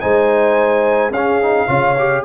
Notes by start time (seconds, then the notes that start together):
0.00 G#3 D#4 C5 G#5
1.10 C#4 G#4 F5
1.42 D#4
1.67 C#3 F4 C#5
1.98 G4